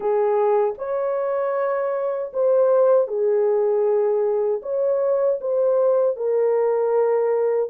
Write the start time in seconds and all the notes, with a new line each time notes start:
0.00 G#4
0.78 C#5
2.33 C5
3.07 G#4
4.62 C#5
5.41 C5
6.16 A#4